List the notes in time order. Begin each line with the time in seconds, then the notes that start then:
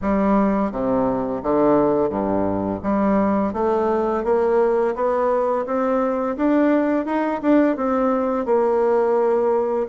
0.01 G3
0.71 C3
1.42 D3
2.09 G2
2.82 G3
3.53 A3
4.24 A#3
4.95 B3
5.66 C4
6.37 D4
7.05 D#4
7.41 D4
7.76 C4
8.45 A#3